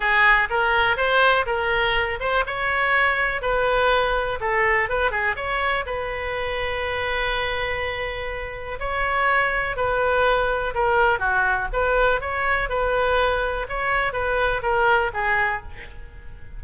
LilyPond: \new Staff \with { instrumentName = "oboe" } { \time 4/4 \tempo 4 = 123 gis'4 ais'4 c''4 ais'4~ | ais'8 c''8 cis''2 b'4~ | b'4 a'4 b'8 gis'8 cis''4 | b'1~ |
b'2 cis''2 | b'2 ais'4 fis'4 | b'4 cis''4 b'2 | cis''4 b'4 ais'4 gis'4 | }